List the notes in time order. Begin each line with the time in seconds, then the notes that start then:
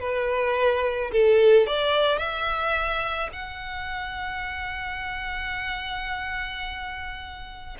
0.00 B4
1.12 A4
1.67 D5
2.19 E5
3.33 F#5